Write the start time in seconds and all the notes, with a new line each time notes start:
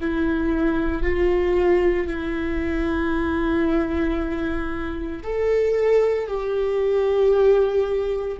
0.00 E4
1.02 F4
2.07 E4
5.23 A4
6.27 G4